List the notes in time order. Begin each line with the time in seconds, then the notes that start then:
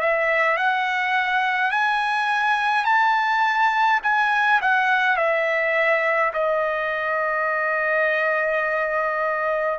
0.00 E5
0.57 F#5
1.71 G#5
2.85 A5
4.03 G#5
4.62 F#5
5.17 E5
6.34 D#5